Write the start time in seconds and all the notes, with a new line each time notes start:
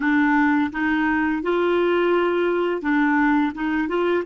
0.00 D4
0.72 D#4
1.42 F4
2.81 D4
3.55 D#4
3.88 F4